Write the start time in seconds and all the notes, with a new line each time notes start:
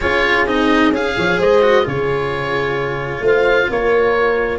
0.00 C#4 F4 G#4 C#5
0.46 C4 D#4 D#5
0.91 C#4 G#4 F5
1.17 F3 C#5
1.38 G#3 C5 D#5
1.61 F#4
1.82 C#3 F4 G#4 C#5
3.20 A3 C5
3.27 F5
3.69 A#3 A#4 C#5